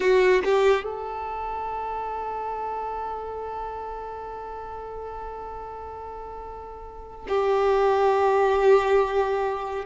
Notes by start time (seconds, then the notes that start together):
0.00 F#4
0.44 G4
0.84 A4
7.28 G4